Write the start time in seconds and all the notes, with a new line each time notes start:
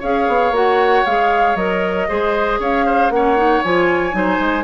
0.00 C#4 G#4 C#5 F5
0.28 B3
0.51 A#3 F#4 F#5
1.06 G#3 G#4 F5
1.55 F#3 A#4 D#5
2.08 G#3 G#4 C5
2.59 C#4 C#5 F5
2.86 C5
3.09 A#3 C#4 C#5 F#5
3.37 D#4
3.63 F3 F4 G#5
4.11 F#3 D#4 C5
4.40 G#3